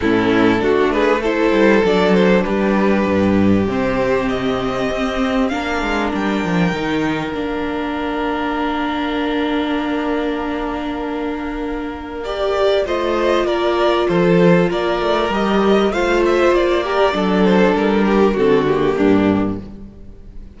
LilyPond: <<
  \new Staff \with { instrumentName = "violin" } { \time 4/4 \tempo 4 = 98 a'4. b'8 c''4 d''8 c''8 | b'2 c''4 dis''4~ | dis''4 f''4 g''2 | f''1~ |
f''1 | d''4 dis''4 d''4 c''4 | d''4 dis''4 f''8 e''8 d''4~ | d''8 c''8 ais'4 a'8 g'4. | }
  \new Staff \with { instrumentName = "violin" } { \time 4/4 e'4 fis'8 gis'8 a'2 | g'1~ | g'4 ais'2.~ | ais'1~ |
ais'1~ | ais'4 c''4 ais'4 a'4 | ais'2 c''4. ais'8 | a'4. g'8 fis'4 d'4 | }
  \new Staff \with { instrumentName = "viola" } { \time 4/4 cis'4 d'4 e'4 d'4~ | d'2 c'2~ | c'4 d'2 dis'4 | d'1~ |
d'1 | g'4 f'2.~ | f'4 g'4 f'4. g'8 | d'2 c'8 ais4. | }
  \new Staff \with { instrumentName = "cello" } { \time 4/4 a,4 a4. g8 fis4 | g4 g,4 c2 | c'4 ais8 gis8 g8 f8 dis4 | ais1~ |
ais1~ | ais4 a4 ais4 f4 | ais8 a8 g4 a4 ais4 | fis4 g4 d4 g,4 | }
>>